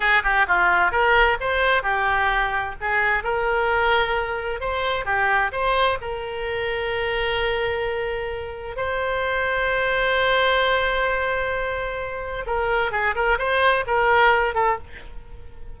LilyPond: \new Staff \with { instrumentName = "oboe" } { \time 4/4 \tempo 4 = 130 gis'8 g'8 f'4 ais'4 c''4 | g'2 gis'4 ais'4~ | ais'2 c''4 g'4 | c''4 ais'2.~ |
ais'2. c''4~ | c''1~ | c''2. ais'4 | gis'8 ais'8 c''4 ais'4. a'8 | }